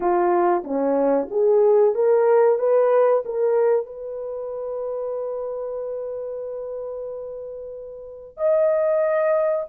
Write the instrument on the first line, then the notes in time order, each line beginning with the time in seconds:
horn
0.00 F4
0.63 C#4
1.30 G#4
1.94 A#4
2.58 B4
3.25 A#4
3.85 B4
8.37 D#5